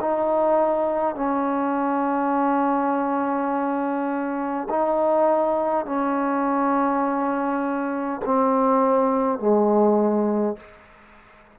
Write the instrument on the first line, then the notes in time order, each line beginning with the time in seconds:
trombone
0.00 D#4
1.15 C#4
4.69 D#4
5.86 C#4
8.25 C4
9.39 G#3